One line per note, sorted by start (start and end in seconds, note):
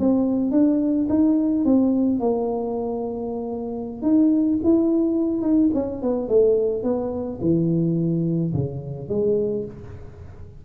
0.00 0.51 C4
0.51 1.08 D4
1.10 1.65 D#4
1.65 2.20 C4
2.20 4.02 A#3
4.02 4.59 D#4
4.64 5.42 E4
5.42 5.70 D#4
5.74 6.02 C#4
6.02 6.29 B3
6.29 6.83 A3
6.83 7.39 B3
7.41 8.53 E3
8.54 9.09 C#3
9.09 9.65 G#3